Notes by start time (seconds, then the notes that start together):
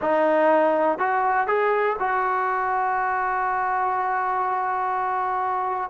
0.01 D#4
0.98 F#4
1.47 G#4
1.99 F#4